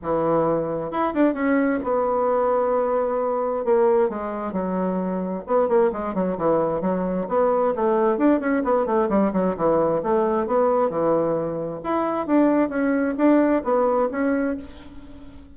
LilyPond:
\new Staff \with { instrumentName = "bassoon" } { \time 4/4 \tempo 4 = 132 e2 e'8 d'8 cis'4 | b1 | ais4 gis4 fis2 | b8 ais8 gis8 fis8 e4 fis4 |
b4 a4 d'8 cis'8 b8 a8 | g8 fis8 e4 a4 b4 | e2 e'4 d'4 | cis'4 d'4 b4 cis'4 | }